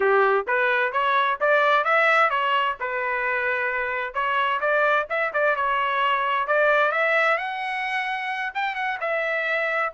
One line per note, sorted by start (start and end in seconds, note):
0.00 0.46 G4
0.47 0.92 B4
0.92 1.38 C#5
1.40 1.84 D5
1.84 2.30 E5
2.30 2.76 C#5
2.80 4.13 B4
4.13 4.60 C#5
4.60 5.06 D5
5.09 5.32 E5
5.33 5.56 D5
5.56 6.47 C#5
6.47 6.91 D5
6.91 7.37 E5
7.37 8.53 F#5
8.54 8.75 G5
8.75 8.98 F#5
9.00 9.93 E5